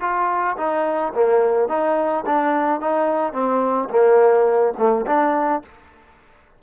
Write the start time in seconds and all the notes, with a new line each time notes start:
0.00 F4
0.57 D#4
1.14 A#3
1.68 D#4
2.26 D4
2.80 D#4
3.32 C4
3.89 A#3
4.77 A3
5.06 D4